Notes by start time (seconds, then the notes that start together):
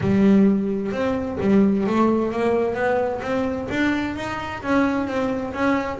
0.00 G3
0.91 C4
1.40 G3
1.86 A3
2.31 A#3
2.74 B3
3.21 C4
3.70 D4
4.16 D#4
4.62 C#4
5.07 C4
5.53 C#4